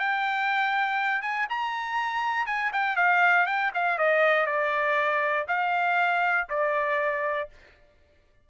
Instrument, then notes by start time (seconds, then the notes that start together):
trumpet
0.00 G5
1.22 G#5
1.50 A#5
2.47 G#5
2.73 G5
2.97 F5
3.47 G5
3.75 F5
3.98 D#5
4.46 D5
5.48 F5
6.50 D5